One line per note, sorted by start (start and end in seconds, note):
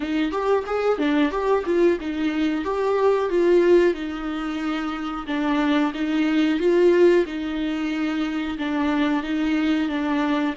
0.00 0.31 D#4
0.31 0.64 G4
0.66 0.98 G#4
0.98 1.31 D4
1.31 1.64 G4
1.65 1.98 F4
2.00 2.64 D#4
2.64 3.29 G4
3.29 3.94 F4
3.94 5.25 D#4
5.26 5.92 D4
5.94 6.59 D#4
6.59 7.25 F4
7.25 8.57 D#4
8.58 9.23 D4
9.23 9.89 D#4
9.89 10.55 D4